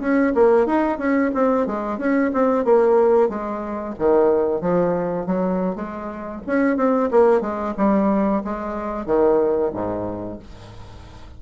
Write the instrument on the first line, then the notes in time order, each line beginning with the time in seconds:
bassoon
0.00 C#4
0.34 A#3
0.66 D#4
0.98 C#4
1.34 C4
1.67 G#3
1.98 C#4
2.33 C4
2.65 A#3
3.29 G#3
3.99 D#3
4.61 F3
5.26 F#3
5.75 G#3
6.47 C#4
6.77 C4
7.11 A#3
7.41 G#3
7.77 G3
8.44 G#3
9.06 D#3
9.73 G#2